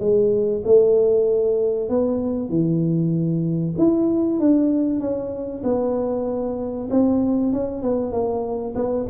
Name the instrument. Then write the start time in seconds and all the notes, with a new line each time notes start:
tuba
0.00 G#3
0.65 A3
1.89 B3
2.50 E3
3.78 E4
4.40 D4
5.00 C#4
5.64 B3
6.91 C4
7.53 C#4
7.83 B3
8.12 A#3
8.75 B3